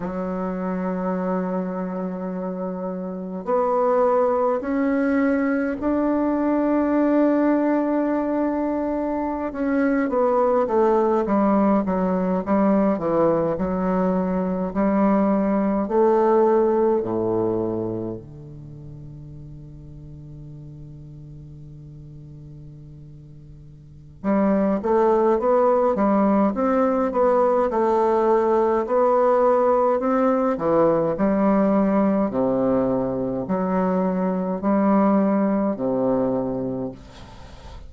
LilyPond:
\new Staff \with { instrumentName = "bassoon" } { \time 4/4 \tempo 4 = 52 fis2. b4 | cis'4 d'2.~ | d'16 cis'8 b8 a8 g8 fis8 g8 e8 fis16~ | fis8. g4 a4 a,4 d16~ |
d1~ | d4 g8 a8 b8 g8 c'8 b8 | a4 b4 c'8 e8 g4 | c4 fis4 g4 c4 | }